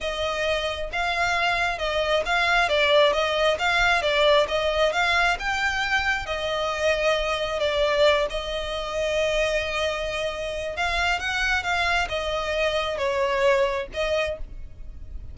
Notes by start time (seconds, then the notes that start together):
0.00 D#5
0.92 F5
1.78 D#5
2.25 F5
2.68 D5
3.13 D#5
3.58 F5
4.02 D5
4.48 D#5
4.92 F5
5.39 G5
6.25 D#5
7.59 D5
8.30 D#5
10.76 F5
11.19 F#5
11.63 F5
12.09 D#5
12.97 C#5
13.93 D#5